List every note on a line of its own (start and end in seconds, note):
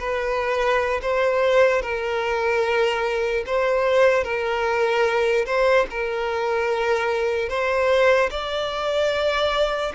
0.00 1.01 B4
1.02 1.82 C5
1.82 3.45 A#4
3.47 4.24 C5
4.24 5.46 A#4
5.46 5.87 C5
5.91 7.49 A#4
7.49 8.30 C5
8.31 9.93 D5